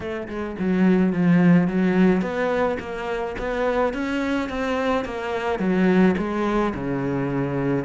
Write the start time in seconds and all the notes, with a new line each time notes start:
0.00 A3
0.28 G#3
0.59 F#3
1.12 F3
1.67 F#3
2.21 B3
2.79 A#3
3.38 B3
3.93 C#4
4.49 C4
5.05 A#3
5.59 F#3
6.17 G#3
6.74 C#3